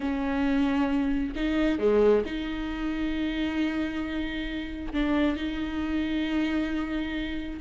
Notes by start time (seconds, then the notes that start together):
0.00 C#4
1.35 D#4
1.78 G#3
2.25 D#4
4.93 D4
5.36 D#4